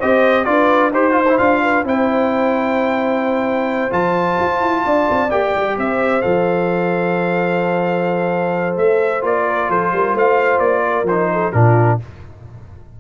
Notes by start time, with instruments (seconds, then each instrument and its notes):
0.00 tuba C4, trombone G4, horn C5, trumpet D#5
0.45 tuba D4, trombone F4, horn B4, trumpet D5
0.92 tuba D#4, trombone G4, horn C5, trumpet C5
1.12 trombone F4
1.29 trombone E4
1.38 tuba D4, trombone F4, trumpet F5
1.62 horn B4
1.83 tuba C4, trombone E4, horn C5, trumpet G5
3.91 tuba F3, trombone F4, trumpet A5
4.40 tuba F4
4.61 tuba E4
4.85 tuba D4, horn D5
5.10 tuba C4
5.31 tuba A#3, trombone G4, trumpet G5
5.55 tuba G3
5.77 tuba C4, horn C5, trumpet E5
6.21 tuba F3, trombone A4, trumpet F5
8.77 tuba A3, trumpet E5
9.21 tuba A#3, trombone F4, trumpet D5
9.47 horn A#4
9.69 tuba F3, horn A4, trumpet C5
9.92 tuba G3, horn A#4
10.13 tuba A3, horn C5, trumpet F5
10.59 tuba A#3, trumpet D5
10.86 horn A#4
11.03 tuba F3, trumpet C5
11.11 trombone D#4
11.33 horn A4
11.52 tuba A#2, trombone D4, horn F4, trumpet A#4